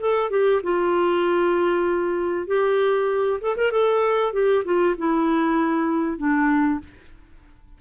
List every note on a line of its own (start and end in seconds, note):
0.00 0.30 A4
0.30 0.61 G4
0.63 2.47 F4
2.47 3.40 G4
3.41 3.56 A4
3.57 3.71 A#4
3.71 4.33 A4
4.33 4.64 G4
4.64 4.95 F4
4.98 6.18 E4
6.18 6.80 D4